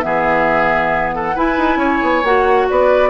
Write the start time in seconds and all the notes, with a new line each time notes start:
0.00 E3 B3 G#4 E5
1.15 A4 F#5
1.35 E4 B4 G#5
1.57 D#4
1.76 C#4 C#5
2.02 B3
2.23 A#3 F#4 F#5
2.69 B3 B4 D5